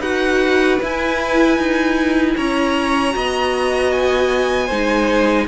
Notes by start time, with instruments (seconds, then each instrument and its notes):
0.00 cello D#4, viola F#4, violin B4 F#5
0.81 viola E4, cello E4, violin G#5
1.58 cello D#4
2.37 cello C#4, violin C#5 A#5
3.12 cello B3, viola F#4, violin D#5
3.92 violin G#5
4.67 cello G#3, viola D#4, violin C5